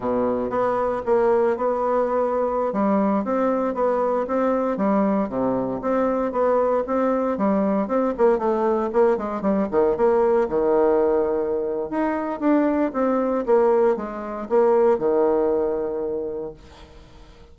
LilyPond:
\new Staff \with { instrumentName = "bassoon" } { \time 4/4 \tempo 4 = 116 b,4 b4 ais4 b4~ | b4~ b16 g4 c'4 b8.~ | b16 c'4 g4 c4 c'8.~ | c'16 b4 c'4 g4 c'8 ais16~ |
ais16 a4 ais8 gis8 g8 dis8 ais8.~ | ais16 dis2~ dis8. dis'4 | d'4 c'4 ais4 gis4 | ais4 dis2. | }